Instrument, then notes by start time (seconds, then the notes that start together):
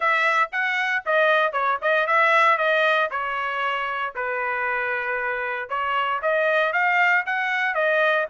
trumpet
0.00 E5
0.51 F#5
1.05 D#5
1.52 C#5
1.81 D#5
2.06 E5
2.57 D#5
3.10 C#5
4.15 B4
5.69 C#5
6.22 D#5
6.72 F5
7.26 F#5
7.74 D#5